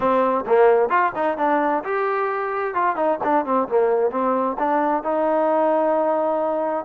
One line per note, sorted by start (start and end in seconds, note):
0.00 0.45 C4
0.46 0.89 A#3
0.89 1.12 F4
1.15 1.37 D#4
1.37 1.83 D4
1.84 2.74 G4
2.74 2.96 F4
2.96 3.19 D#4
3.23 3.45 D4
3.45 3.68 C4
3.68 4.11 A#3
4.11 4.56 C4
4.58 5.03 D4
5.03 6.85 D#4